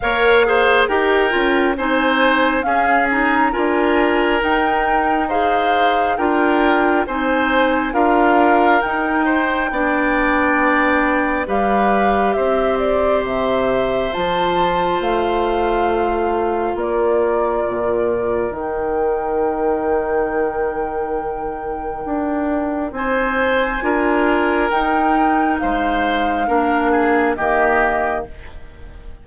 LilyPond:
<<
  \new Staff \with { instrumentName = "flute" } { \time 4/4 \tempo 4 = 68 f''4 g''4 gis''4 f''8 ais''8 | gis''4 g''4 f''4 g''4 | gis''4 f''4 g''2~ | g''4 f''4 e''8 d''8 e''4 |
a''4 f''2 d''4~ | d''4 g''2.~ | g''2 gis''2 | g''4 f''2 dis''4 | }
  \new Staff \with { instrumentName = "oboe" } { \time 4/4 cis''8 c''8 ais'4 c''4 gis'4 | ais'2 c''4 ais'4 | c''4 ais'4. c''8 d''4~ | d''4 b'4 c''2~ |
c''2. ais'4~ | ais'1~ | ais'2 c''4 ais'4~ | ais'4 c''4 ais'8 gis'8 g'4 | }
  \new Staff \with { instrumentName = "clarinet" } { \time 4/4 ais'8 gis'8 g'8 f'8 dis'4 cis'8 dis'8 | f'4 dis'4 gis'4 f'4 | dis'4 f'4 dis'4 d'4~ | d'4 g'2. |
f'1~ | f'4 dis'2.~ | dis'2. f'4 | dis'2 d'4 ais4 | }
  \new Staff \with { instrumentName = "bassoon" } { \time 4/4 ais4 dis'8 cis'8 c'4 cis'4 | d'4 dis'2 d'4 | c'4 d'4 dis'4 b4~ | b4 g4 c'4 c4 |
f4 a2 ais4 | ais,4 dis2.~ | dis4 d'4 c'4 d'4 | dis'4 gis4 ais4 dis4 | }
>>